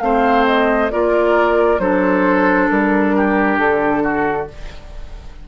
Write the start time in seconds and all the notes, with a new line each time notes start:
0.00 A3 C4 C5 F5
0.46 D#5
0.91 A#3 F4 A#4 D5
1.79 F#3 D4 A4 C5
2.70 G3 A#4
3.17 G4
3.58 D3 A4
4.04 F#4